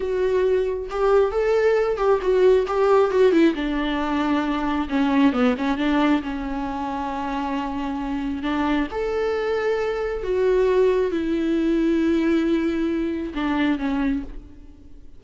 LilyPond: \new Staff \with { instrumentName = "viola" } { \time 4/4 \tempo 4 = 135 fis'2 g'4 a'4~ | a'8 g'8 fis'4 g'4 fis'8 e'8 | d'2. cis'4 | b8 cis'8 d'4 cis'2~ |
cis'2. d'4 | a'2. fis'4~ | fis'4 e'2.~ | e'2 d'4 cis'4 | }